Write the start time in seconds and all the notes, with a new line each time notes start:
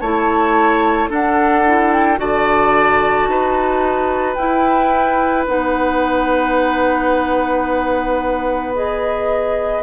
0.00 A3 E4 C#5 A5
1.09 D4 A4 F#5
1.67 E4
1.92 G5
2.17 D3 F#4 D5 A5
3.27 D#4 B4
4.35 E4 G5
5.47 B3 D#4 F#5
8.75 G#4 D#5